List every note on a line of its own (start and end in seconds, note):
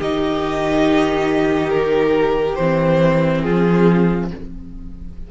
0.00 2.58 D#3
0.00 2.59 D#4
0.00 3.43 G4
0.00 1.70 D#5
1.70 2.56 A#4
2.56 3.45 E3
2.56 4.30 C4
2.56 3.41 C5
3.41 4.31 F3
3.41 4.30 F4
3.41 4.27 G#4